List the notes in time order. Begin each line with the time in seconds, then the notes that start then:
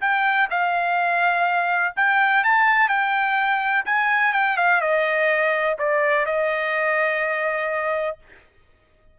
0.00 G5
0.50 F5
1.96 G5
2.43 A5
2.88 G5
3.85 G#5
4.33 G5
4.57 F5
4.81 D#5
5.78 D5
6.26 D#5